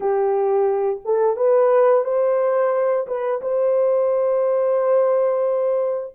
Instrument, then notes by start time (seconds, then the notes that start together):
horn
0.00 G4
1.04 A4
1.36 B4
2.04 C5
3.07 B4
3.41 C5